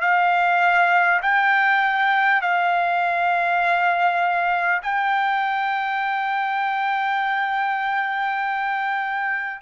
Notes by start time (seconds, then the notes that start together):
0.00 F5
1.22 G5
2.41 F5
4.82 G5